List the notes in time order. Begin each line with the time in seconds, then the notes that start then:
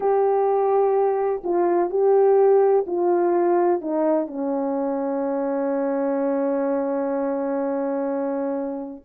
0.00 G4
1.44 F4
1.89 G4
2.86 F4
3.81 D#4
4.27 C#4